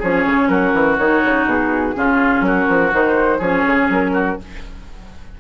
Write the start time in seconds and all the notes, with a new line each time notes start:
0.00 F3 C#4 G#4 C#5
0.26 C#3
0.48 F#3 F#4 A#4
0.74 E3
0.98 D#3 D#4 C#5
1.25 C#3
1.46 B2 G#4
1.95 C#3 C#4 F4
2.41 F#3 F#4 A#4
2.69 F3
2.92 D#3 D#4 C5
3.38 F3 C#4 G#4 C#5
3.67 C#3
3.89 F#3 A#4
4.14 F#4